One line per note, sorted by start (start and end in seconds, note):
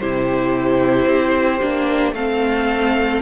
0.00 1.06 C3
0.00 1.62 E4
0.00 2.15 G4
0.00 2.14 C5
1.06 1.60 C4
1.62 2.12 A#3
1.62 2.15 D4
2.12 3.20 A3
2.12 3.23 C4
2.12 3.23 A4
2.12 3.23 F5